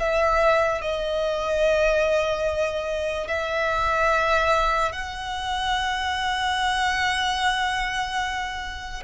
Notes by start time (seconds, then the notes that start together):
0.00 E5
0.82 D#5
3.28 E5
4.92 F#5